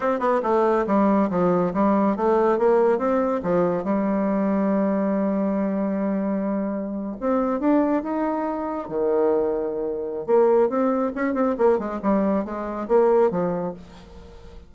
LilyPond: \new Staff \with { instrumentName = "bassoon" } { \time 4/4 \tempo 4 = 140 c'8 b8 a4 g4 f4 | g4 a4 ais4 c'4 | f4 g2.~ | g1~ |
g8. c'4 d'4 dis'4~ dis'16~ | dis'8. dis2.~ dis16 | ais4 c'4 cis'8 c'8 ais8 gis8 | g4 gis4 ais4 f4 | }